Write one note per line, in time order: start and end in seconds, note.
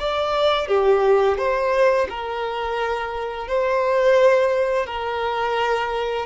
0.00 0.68 D5
0.68 1.38 G4
1.38 2.08 C5
2.10 3.49 A#4
3.49 4.87 C5
4.87 6.26 A#4